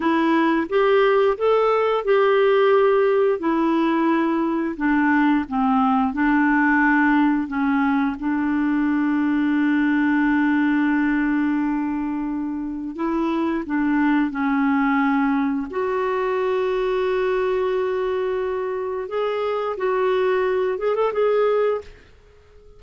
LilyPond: \new Staff \with { instrumentName = "clarinet" } { \time 4/4 \tempo 4 = 88 e'4 g'4 a'4 g'4~ | g'4 e'2 d'4 | c'4 d'2 cis'4 | d'1~ |
d'2. e'4 | d'4 cis'2 fis'4~ | fis'1 | gis'4 fis'4. gis'16 a'16 gis'4 | }